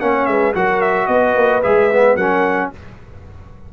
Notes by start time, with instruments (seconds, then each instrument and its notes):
0.00 tuba A#3, trombone C#4, horn C#5, trumpet F#5
0.26 tuba G#3, horn B4, trumpet E5
0.54 tuba F#3, trombone F#4, horn A#4, trumpet F#5
0.81 trumpet E5
1.07 tuba B3, horn B4, trumpet D#5
1.35 tuba A#3
1.62 tuba G#3, trombone G#4, trumpet E5
1.93 trombone B3
2.16 tuba F#3, trombone C#4, horn A#4, trumpet F#5